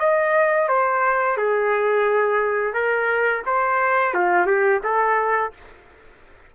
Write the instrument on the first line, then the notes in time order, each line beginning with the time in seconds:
trumpet
0.00 D#5
0.69 C5
1.38 G#4
2.74 A#4
3.46 C5
4.14 F4
4.47 G4
4.84 A4